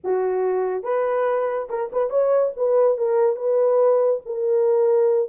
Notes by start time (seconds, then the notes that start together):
0.04 F#4
0.83 B4
1.69 A#4
1.92 B4
2.10 C#5
2.56 B4
2.97 A#4
3.36 B4
4.25 A#4